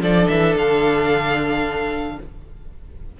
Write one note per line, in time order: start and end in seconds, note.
0.00 0.27 F3
0.00 2.18 D4
0.00 2.18 A4
0.00 0.28 D5
0.28 0.55 E3
0.28 0.55 E5
0.55 2.17 D3
0.55 2.19 F5